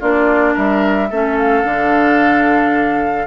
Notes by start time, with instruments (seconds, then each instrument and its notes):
0.00 bassoon A#3, clarinet D4, oboe F4, flute D5
0.54 bassoon G3, oboe A#4, flute E5
1.10 bassoon A3, clarinet C#4, oboe A4
1.37 flute F5
1.64 bassoon D3, clarinet D4